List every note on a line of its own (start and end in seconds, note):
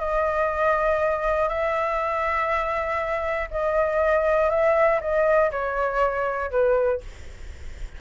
0.00 1.49 D#5
1.49 3.49 E5
3.51 4.50 D#5
4.50 5.00 E5
5.01 5.51 D#5
5.51 6.51 C#5
6.51 7.01 B4